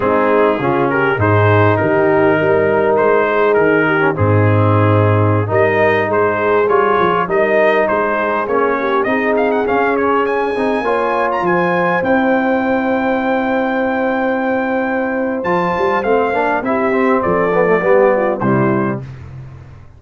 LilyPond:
<<
  \new Staff \with { instrumentName = "trumpet" } { \time 4/4 \tempo 4 = 101 gis'4. ais'8 c''4 ais'4~ | ais'4 c''4 ais'4 gis'4~ | gis'4~ gis'16 dis''4 c''4 cis''8.~ | cis''16 dis''4 c''4 cis''4 dis''8 f''16 |
fis''16 f''8 cis''8 gis''4.~ gis''16 ais''16 gis''8.~ | gis''16 g''2.~ g''8.~ | g''2 a''4 f''4 | e''4 d''2 c''4 | }
  \new Staff \with { instrumentName = "horn" } { \time 4/4 dis'4 f'8 g'8 gis'4 g'4 | ais'4. gis'4 g'8 dis'4~ | dis'4~ dis'16 ais'4 gis'4.~ gis'16~ | gis'16 ais'4 gis'4. g'8 gis'8.~ |
gis'2~ gis'16 cis''4 c''8.~ | c''1~ | c''1 | g'4 a'4 g'8 f'8 e'4 | }
  \new Staff \with { instrumentName = "trombone" } { \time 4/4 c'4 cis'4 dis'2~ | dis'2~ dis'8. cis'16 c'4~ | c'4~ c'16 dis'2 f'8.~ | f'16 dis'2 cis'4 dis'8.~ |
dis'16 cis'4. dis'8 f'4.~ f'16~ | f'16 e'2.~ e'8.~ | e'2 f'4 c'8 d'8 | e'8 c'4 b16 a16 b4 g4 | }
  \new Staff \with { instrumentName = "tuba" } { \time 4/4 gis4 cis4 gis,4 dis4 | g4 gis4 dis4 gis,4~ | gis,4~ gis,16 g4 gis4 g8 f16~ | f16 g4 gis4 ais4 c'8.~ |
c'16 cis'4. c'8 ais4 f8.~ | f16 c'2.~ c'8.~ | c'2 f8 g8 a8 ais8 | c'4 f4 g4 c4 | }
>>